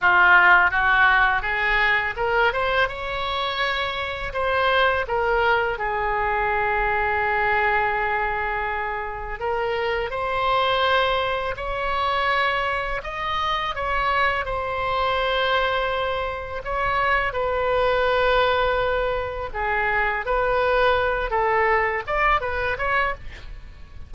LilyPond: \new Staff \with { instrumentName = "oboe" } { \time 4/4 \tempo 4 = 83 f'4 fis'4 gis'4 ais'8 c''8 | cis''2 c''4 ais'4 | gis'1~ | gis'4 ais'4 c''2 |
cis''2 dis''4 cis''4 | c''2. cis''4 | b'2. gis'4 | b'4. a'4 d''8 b'8 cis''8 | }